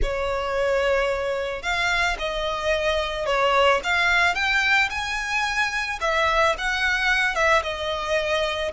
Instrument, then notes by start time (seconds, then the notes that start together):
violin
0.02 C#5
1.62 F5
2.18 D#5
3.26 C#5
3.83 F5
4.34 G5
4.90 G#5
6.00 E5
6.58 F#5
7.35 E5
7.62 D#5